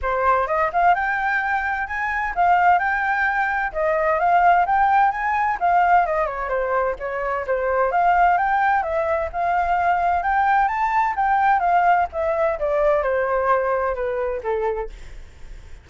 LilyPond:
\new Staff \with { instrumentName = "flute" } { \time 4/4 \tempo 4 = 129 c''4 dis''8 f''8 g''2 | gis''4 f''4 g''2 | dis''4 f''4 g''4 gis''4 | f''4 dis''8 cis''8 c''4 cis''4 |
c''4 f''4 g''4 e''4 | f''2 g''4 a''4 | g''4 f''4 e''4 d''4 | c''2 b'4 a'4 | }